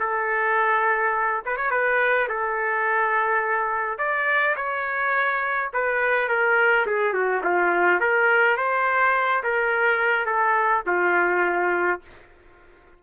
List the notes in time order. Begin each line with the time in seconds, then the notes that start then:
0.00 A4
1.46 B4
1.57 C#5
1.71 B4
2.29 A4
3.99 D5
4.57 C#5
5.74 B4
6.29 A#4
6.87 G#4
7.14 F#4
7.44 F4
8.01 A#4
8.58 C5
9.44 A#4
10.26 A4
10.87 F4